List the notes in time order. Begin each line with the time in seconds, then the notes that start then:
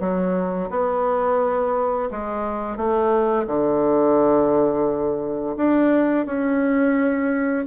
0.00 F#3
0.70 B3
2.11 G#3
2.77 A3
3.47 D3
5.57 D4
6.26 C#4